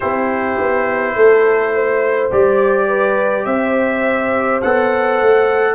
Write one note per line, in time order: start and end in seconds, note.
0.00 0.58 C4
0.00 2.31 E4
0.00 1.14 G4
0.00 2.30 C5
0.58 1.15 B3
1.15 2.31 A3
1.15 1.74 A4
1.74 2.87 C5
2.31 3.45 G3
2.31 4.62 G4
2.31 3.45 D5
2.87 3.45 B4
3.45 4.61 C4
3.45 5.74 C5
3.45 4.60 E5
4.61 5.21 B3
4.61 5.74 A4
4.61 5.74 F#5
5.21 5.74 A3